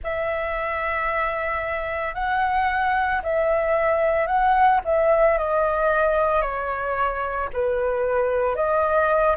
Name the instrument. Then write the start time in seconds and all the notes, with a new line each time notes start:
flute
0.03 E5
2.14 F#5
3.22 E5
4.26 F#5
4.85 E5
5.38 D#5
6.41 C#5
7.53 B4
8.55 D#5